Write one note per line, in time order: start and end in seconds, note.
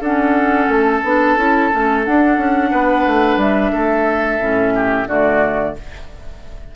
0.00 1.05 C#4
0.00 0.67 D4
0.00 2.70 A4
0.00 0.71 F#5
0.68 1.02 A3
0.68 2.04 A5
1.03 1.36 B3
1.03 1.37 D4
1.36 1.70 C#4
1.36 1.71 E4
1.71 2.07 A3
1.71 2.04 C#4
2.04 4.40 D4
2.04 2.37 D4
2.04 3.39 F#5
2.37 2.71 C#4
2.71 3.05 B3
2.71 3.72 B4
3.07 3.37 A3
3.37 3.71 G3
3.37 5.08 E5
3.72 4.39 A3
3.72 4.73 A4
4.39 5.06 A2
4.39 5.08 C#4
4.75 5.08 G4
5.06 5.74 D3
5.06 5.76 A3
5.06 5.75 F#4
5.06 5.75 D5